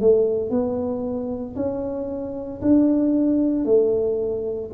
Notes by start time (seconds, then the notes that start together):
0.00 A3
0.50 B3
1.56 C#4
2.61 D4
3.65 A3